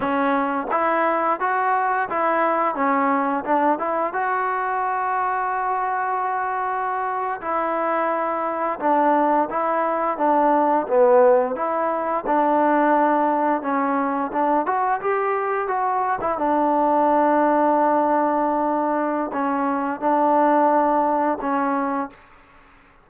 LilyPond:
\new Staff \with { instrumentName = "trombone" } { \time 4/4 \tempo 4 = 87 cis'4 e'4 fis'4 e'4 | cis'4 d'8 e'8 fis'2~ | fis'2~ fis'8. e'4~ e'16~ | e'8. d'4 e'4 d'4 b16~ |
b8. e'4 d'2 cis'16~ | cis'8. d'8 fis'8 g'4 fis'8. e'16 d'16~ | d'1 | cis'4 d'2 cis'4 | }